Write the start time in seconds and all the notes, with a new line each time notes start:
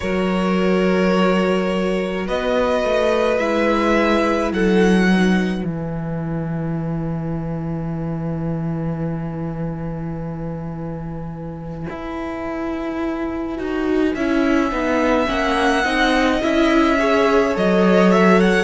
0.00 F#3 F#4 A#4 C#5
2.26 B3 B4 D#5
2.83 A3
3.38 G#3 E4 E5
4.51 F#3 A4 F#5
5.10 D#4 B4
5.64 E3 E4 G#5
11.89 E4
13.57 D#4 F#4
14.14 C#4 E4 E5
14.71 B3 D#4
15.26 A#3 C#4 F#5
15.83 C4 D#4 D#5
16.41 C#4 E4 E5
16.98 G#4 C#5
17.54 F#3 A4 D#5
18.12 E5
18.40 F#5